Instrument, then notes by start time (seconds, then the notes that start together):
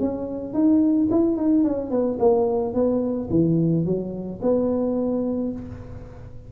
tuba
0.00 C#4
0.54 D#4
1.11 E4
1.37 D#4
1.64 C#4
1.91 B3
2.19 A#3
2.74 B3
3.30 E3
3.85 F#3
4.42 B3